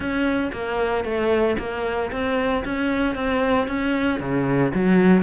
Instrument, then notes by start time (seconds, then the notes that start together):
cello
0.00 C#4
0.52 A#3
1.04 A3
1.58 A#3
2.11 C4
2.64 C#4
3.15 C4
3.67 C#4
4.20 C#3
4.74 F#3